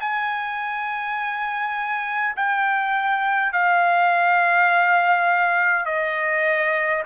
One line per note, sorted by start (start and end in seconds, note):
0.00 2.35 G#5
2.36 3.52 G5
3.52 5.85 F5
5.85 7.03 D#5